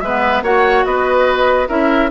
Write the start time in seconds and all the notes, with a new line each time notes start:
0.00 G#3 B3 B4 E5
0.42 A#3 F#4 C#5 F#5
0.85 B3 B4 D#5
1.67 C#4 E4 A#4 E5